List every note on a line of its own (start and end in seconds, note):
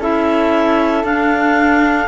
0.00 1.04 C#4
0.00 1.04 E4
0.00 2.08 A4
0.00 1.05 E5
1.04 2.08 D4
1.04 2.08 F5